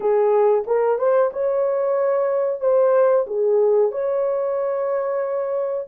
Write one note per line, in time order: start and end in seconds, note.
0.00 0.64 G#4
0.66 0.98 A#4
0.98 1.30 C5
1.32 2.60 C#5
2.60 3.25 C5
3.26 3.91 G#4
3.91 5.87 C#5